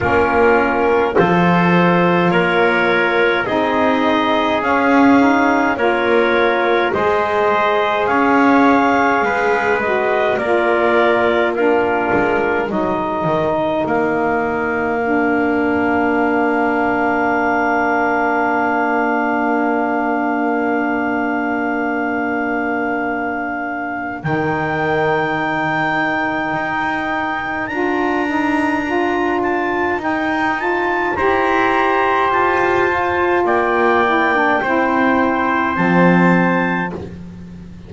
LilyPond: <<
  \new Staff \with { instrumentName = "clarinet" } { \time 4/4 \tempo 4 = 52 ais'4 c''4 cis''4 dis''4 | f''4 cis''4 dis''4 f''4~ | f''8 dis''8 d''4 ais'4 dis''4 | f''1~ |
f''1~ | f''4 g''2. | ais''4. a''8 g''8 a''8 ais''4 | a''4 g''2 a''4 | }
  \new Staff \with { instrumentName = "trumpet" } { \time 4/4 f'4 a'4 ais'4 gis'4~ | gis'4 ais'4 c''4 cis''4 | b'4 ais'4 f'4 ais'4~ | ais'1~ |
ais'1~ | ais'1~ | ais'2. c''4~ | c''4 d''4 c''2 | }
  \new Staff \with { instrumentName = "saxophone" } { \time 4/4 cis'4 f'2 dis'4 | cis'8 dis'8 f'4 gis'2~ | gis'8 fis'8 f'4 d'4 dis'4~ | dis'4 d'2.~ |
d'1~ | d'4 dis'2. | f'8 dis'8 f'4 dis'8 f'8 g'4~ | g'8 f'4 e'16 d'16 e'4 c'4 | }
  \new Staff \with { instrumentName = "double bass" } { \time 4/4 ais4 f4 ais4 c'4 | cis'4 ais4 gis4 cis'4 | gis4 ais4. gis8 fis8 dis8 | ais1~ |
ais1~ | ais4 dis2 dis'4 | d'2 dis'4 e'4 | f'4 ais4 c'4 f4 | }
>>